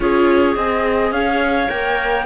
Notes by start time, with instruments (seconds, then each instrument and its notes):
0.00 cello C#4, viola F4, clarinet G#4, flute C#5
0.56 cello C4, viola G#4, flute D#5
1.11 cello C#4, clarinet C#5, flute F5
1.69 cello A#3, viola A#4, flute G5